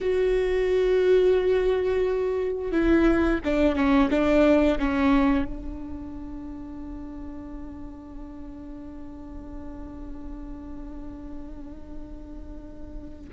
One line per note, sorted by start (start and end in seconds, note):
0.00 2.71 F#4
2.71 3.39 E4
3.44 3.75 D4
3.75 4.09 C#4
4.10 4.78 D4
4.79 5.45 C#4
5.45 13.29 D4